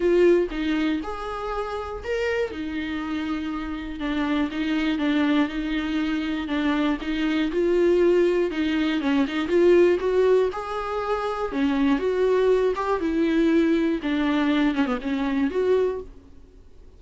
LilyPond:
\new Staff \with { instrumentName = "viola" } { \time 4/4 \tempo 4 = 120 f'4 dis'4 gis'2 | ais'4 dis'2. | d'4 dis'4 d'4 dis'4~ | dis'4 d'4 dis'4 f'4~ |
f'4 dis'4 cis'8 dis'8 f'4 | fis'4 gis'2 cis'4 | fis'4. g'8 e'2 | d'4. cis'16 b16 cis'4 fis'4 | }